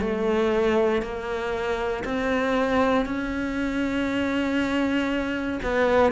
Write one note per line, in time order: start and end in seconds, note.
0.00 1.02 A3
1.02 2.03 A#3
2.04 3.05 C4
3.05 5.59 C#4
5.63 6.12 B3